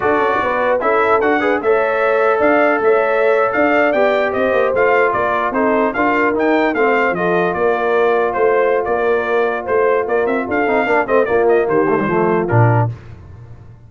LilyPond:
<<
  \new Staff \with { instrumentName = "trumpet" } { \time 4/4 \tempo 4 = 149 d''2 e''4 fis''4 | e''2 f''4 e''4~ | e''8. f''4 g''4 dis''4 f''16~ | f''8. d''4 c''4 f''4 g''16~ |
g''8. f''4 dis''4 d''4~ d''16~ | d''8. c''4~ c''16 d''2 | c''4 d''8 e''8 f''4. dis''8 | d''8 dis''8 c''2 ais'4 | }
  \new Staff \with { instrumentName = "horn" } { \time 4/4 a'4 b'4 a'4. b'8 | cis''2 d''4 cis''4~ | cis''8. d''2 c''4~ c''16~ | c''8. ais'4 a'4 ais'4~ ais'16~ |
ais'8. c''4 a'4 ais'4~ ais'16~ | ais'8. c''4~ c''16 ais'2 | c''4 ais'4 a'4 ais'8 c''8 | f'4 g'4 f'2 | }
  \new Staff \with { instrumentName = "trombone" } { \time 4/4 fis'2 e'4 fis'8 gis'8 | a'1~ | a'4.~ a'16 g'2 f'16~ | f'4.~ f'16 dis'4 f'4 dis'16~ |
dis'8. c'4 f'2~ f'16~ | f'1~ | f'2~ f'8 dis'8 d'8 c'8 | ais4. a16 g16 a4 d'4 | }
  \new Staff \with { instrumentName = "tuba" } { \time 4/4 d'8 cis'8 b4 cis'4 d'4 | a2 d'4 a4~ | a8. d'4 b4 c'8 ais8 a16~ | a8. ais4 c'4 d'4 dis'16~ |
dis'8. a4 f4 ais4~ ais16~ | ais8. a4~ a16 ais2 | a4 ais8 c'8 d'8 c'8 ais8 a8 | ais4 dis4 f4 ais,4 | }
>>